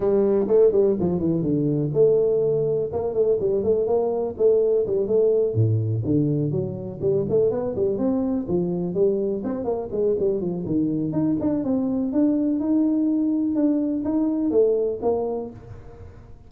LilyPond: \new Staff \with { instrumentName = "tuba" } { \time 4/4 \tempo 4 = 124 g4 a8 g8 f8 e8 d4 | a2 ais8 a8 g8 a8 | ais4 a4 g8 a4 a,8~ | a,8 d4 fis4 g8 a8 b8 |
g8 c'4 f4 g4 c'8 | ais8 gis8 g8 f8 dis4 dis'8 d'8 | c'4 d'4 dis'2 | d'4 dis'4 a4 ais4 | }